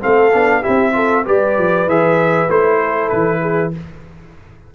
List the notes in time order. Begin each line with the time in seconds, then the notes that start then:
0.00 A3 C4 A4 F5
0.33 B3 D4
0.61 E4 G4 E5
0.67 C4
0.92 F4 A4
1.24 G3 G4 B4 D5
1.57 F3
1.86 E3 G#4 E5
2.48 A3 E4 C5
2.81 A4
3.09 E3 B4
3.41 G#4